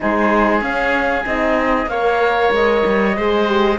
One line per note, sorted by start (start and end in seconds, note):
0.00 0.61 G#3
0.00 0.61 D#4
0.00 1.90 G#4
0.00 0.61 C5
0.61 1.24 C#4
0.61 1.24 F5
1.25 1.86 C4
1.25 1.89 D#4
1.25 1.88 D#5
1.86 2.49 A#3
1.86 3.16 A#4
1.86 3.16 C#5
1.86 2.52 F5
2.51 2.83 G#3
2.51 3.78 D#5
2.85 3.16 G3
3.16 3.78 G#3
3.16 3.46 G#4
3.16 3.78 C5
3.46 3.78 G4